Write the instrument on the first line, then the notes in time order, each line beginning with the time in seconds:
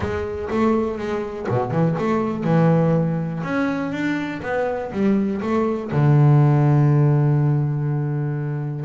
double bass
0.00 G#3
0.50 A3
0.98 G#3
1.48 B2
1.71 E3
1.98 A3
2.43 E3
3.43 C#4
3.92 D4
4.42 B3
4.92 G3
5.41 A3
5.91 D3